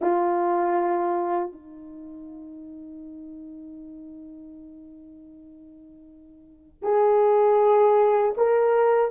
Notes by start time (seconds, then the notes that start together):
0.01 F4
1.52 D#4
6.82 G#4
8.37 A#4